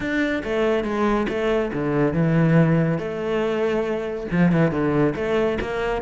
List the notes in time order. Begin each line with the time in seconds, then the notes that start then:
0.00 D4
0.43 A3
0.84 G#3
1.29 A3
1.73 D3
2.13 E3
2.98 A3
4.31 F3
4.52 E3
4.71 D3
5.15 A3
5.60 A#3